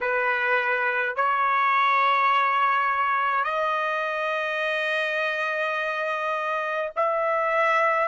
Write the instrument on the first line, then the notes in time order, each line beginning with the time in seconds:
trumpet
0.01 B4
1.15 C#5
3.44 D#5
6.95 E5